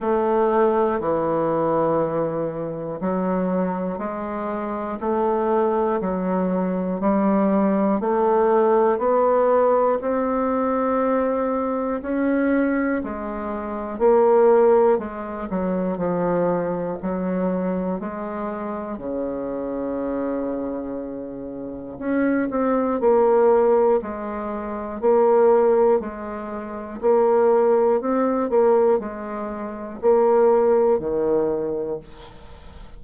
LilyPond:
\new Staff \with { instrumentName = "bassoon" } { \time 4/4 \tempo 4 = 60 a4 e2 fis4 | gis4 a4 fis4 g4 | a4 b4 c'2 | cis'4 gis4 ais4 gis8 fis8 |
f4 fis4 gis4 cis4~ | cis2 cis'8 c'8 ais4 | gis4 ais4 gis4 ais4 | c'8 ais8 gis4 ais4 dis4 | }